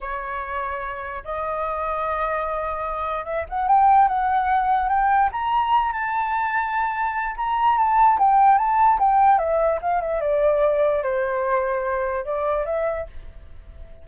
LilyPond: \new Staff \with { instrumentName = "flute" } { \time 4/4 \tempo 4 = 147 cis''2. dis''4~ | dis''1 | e''8 fis''8 g''4 fis''2 | g''4 ais''4. a''4.~ |
a''2 ais''4 a''4 | g''4 a''4 g''4 e''4 | f''8 e''8 d''2 c''4~ | c''2 d''4 e''4 | }